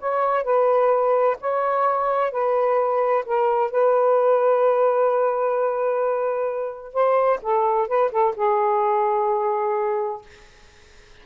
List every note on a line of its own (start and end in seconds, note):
0.00 0.44 C#5
0.44 1.37 B4
1.40 2.32 C#5
2.32 3.25 B4
3.25 3.71 A#4
3.71 6.93 B4
6.93 7.40 C5
7.42 7.88 A4
7.88 8.11 B4
8.11 8.34 A4
8.36 10.22 G#4